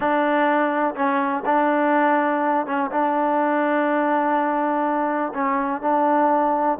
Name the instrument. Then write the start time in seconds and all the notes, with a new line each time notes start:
trombone
0.00 D4
0.95 C#4
1.45 D4
2.66 C#4
2.91 D4
5.34 C#4
5.81 D4